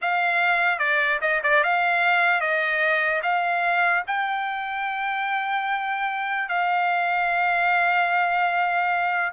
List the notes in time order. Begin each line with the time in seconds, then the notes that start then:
0.01 F5
0.79 D5
1.21 D#5
1.43 D5
1.63 F5
2.40 D#5
3.22 F5
4.07 G5
6.48 F5